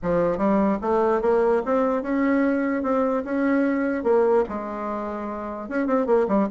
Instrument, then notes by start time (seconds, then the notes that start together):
bassoon
0.02 F3
0.37 G3
0.81 A3
1.21 A#3
1.65 C4
2.02 C#4
2.82 C4
3.24 C#4
4.03 A#3
4.48 G#3
5.68 C#4
5.87 C4
6.06 A#3
6.27 G3